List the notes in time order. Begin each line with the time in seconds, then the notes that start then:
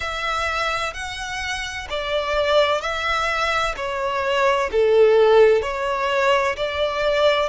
0.00 E5
0.93 F#5
1.89 D5
2.81 E5
3.76 C#5
4.71 A4
5.62 C#5
6.56 D5